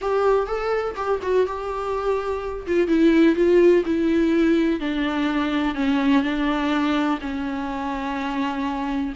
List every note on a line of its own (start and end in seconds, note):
0.01 0.47 G4
0.47 0.95 A4
0.96 1.20 G4
1.22 1.46 F#4
1.46 2.66 G4
2.66 2.87 F4
2.87 3.35 E4
3.35 3.83 F4
3.85 4.80 E4
4.80 5.74 D4
5.74 6.22 C#4
6.22 7.18 D4
7.21 9.13 C#4